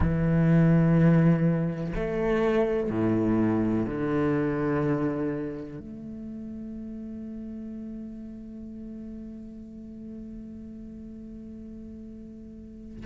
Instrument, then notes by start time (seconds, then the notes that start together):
cello
0.00 E3
1.95 A3
2.89 A2
3.86 D3
5.79 A3